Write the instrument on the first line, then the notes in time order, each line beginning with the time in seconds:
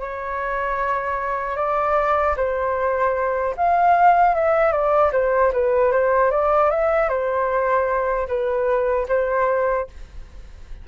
flute
0.00 C#5
1.56 D5
2.36 C5
3.56 F5
4.35 E5
4.72 D5
5.12 C5
5.53 B4
5.91 C5
6.31 D5
6.70 E5
7.09 C5
8.27 B4
9.08 C5